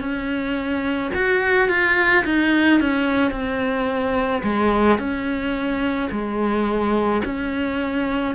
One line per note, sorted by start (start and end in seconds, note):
0.00 1.11 C#4
1.15 1.69 F#4
1.69 2.24 F4
2.25 2.80 D#4
2.80 3.31 C#4
3.31 4.42 C4
4.43 4.98 G#3
4.98 6.09 C#4
6.11 7.22 G#3
7.25 8.35 C#4